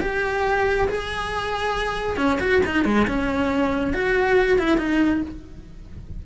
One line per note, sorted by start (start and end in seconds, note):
0.00 0.88 G4
0.88 2.17 G#4
2.17 2.39 C#4
2.40 2.62 F#4
2.66 2.85 D#4
2.85 3.07 G#3
3.07 3.93 C#4
3.93 4.58 F#4
4.58 4.78 E4
4.78 5.22 D#4